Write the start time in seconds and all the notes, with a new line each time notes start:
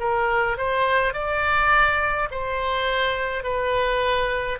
0.00 A#4
0.58 C5
1.14 D5
2.31 C5
3.44 B4